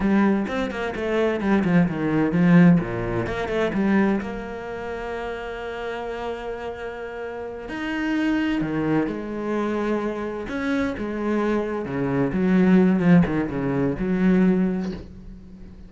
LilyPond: \new Staff \with { instrumentName = "cello" } { \time 4/4 \tempo 4 = 129 g4 c'8 ais8 a4 g8 f8 | dis4 f4 ais,4 ais8 a8 | g4 ais2.~ | ais1~ |
ais8 dis'2 dis4 gis8~ | gis2~ gis8 cis'4 gis8~ | gis4. cis4 fis4. | f8 dis8 cis4 fis2 | }